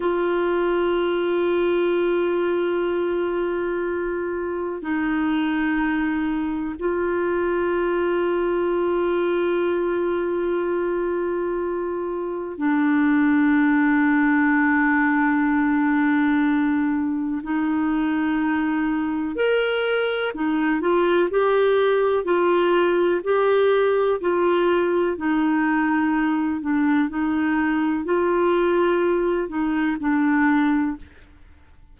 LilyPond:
\new Staff \with { instrumentName = "clarinet" } { \time 4/4 \tempo 4 = 62 f'1~ | f'4 dis'2 f'4~ | f'1~ | f'4 d'2.~ |
d'2 dis'2 | ais'4 dis'8 f'8 g'4 f'4 | g'4 f'4 dis'4. d'8 | dis'4 f'4. dis'8 d'4 | }